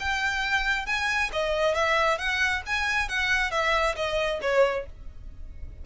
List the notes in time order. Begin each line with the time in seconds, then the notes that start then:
0.00 G5
0.86 G#5
1.33 D#5
1.75 E5
2.18 F#5
2.66 G#5
3.09 F#5
3.51 E5
3.96 D#5
4.42 C#5